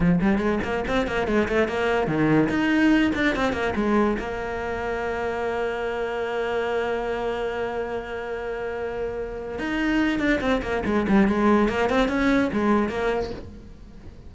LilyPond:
\new Staff \with { instrumentName = "cello" } { \time 4/4 \tempo 4 = 144 f8 g8 gis8 ais8 c'8 ais8 gis8 a8 | ais4 dis4 dis'4. d'8 | c'8 ais8 gis4 ais2~ | ais1~ |
ais1~ | ais2. dis'4~ | dis'8 d'8 c'8 ais8 gis8 g8 gis4 | ais8 c'8 cis'4 gis4 ais4 | }